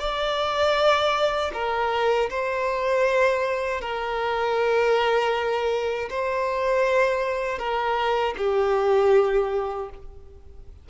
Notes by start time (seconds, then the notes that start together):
0.00 D5
1.54 A#4
2.30 C5
3.81 A#4
6.10 C5
7.59 A#4
8.38 G4